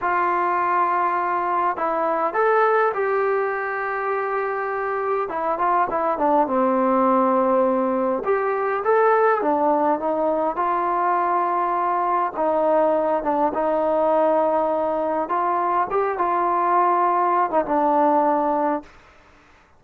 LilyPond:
\new Staff \with { instrumentName = "trombone" } { \time 4/4 \tempo 4 = 102 f'2. e'4 | a'4 g'2.~ | g'4 e'8 f'8 e'8 d'8 c'4~ | c'2 g'4 a'4 |
d'4 dis'4 f'2~ | f'4 dis'4. d'8 dis'4~ | dis'2 f'4 g'8 f'8~ | f'4.~ f'16 dis'16 d'2 | }